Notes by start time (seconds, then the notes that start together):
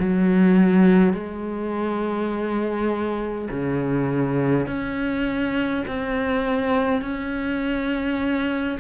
0.00 F#3
1.13 G#3
3.51 C#3
4.67 C#4
5.88 C4
7.02 C#4